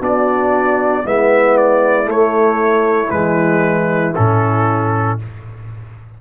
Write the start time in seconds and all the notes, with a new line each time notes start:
0.00 B3 D4 F#4 D5
1.04 G#3 B3 E4 E5
1.58 D5
2.04 A3
2.11 C#5
3.11 E3 G#3 B4
4.15 A2 C#4 A4